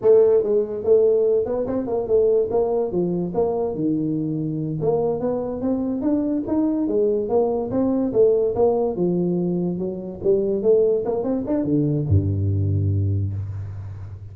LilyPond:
\new Staff \with { instrumentName = "tuba" } { \time 4/4 \tempo 4 = 144 a4 gis4 a4. b8 | c'8 ais8 a4 ais4 f4 | ais4 dis2~ dis8 ais8~ | ais8 b4 c'4 d'4 dis'8~ |
dis'8 gis4 ais4 c'4 a8~ | a8 ais4 f2 fis8~ | fis8 g4 a4 ais8 c'8 d'8 | d4 g,2. | }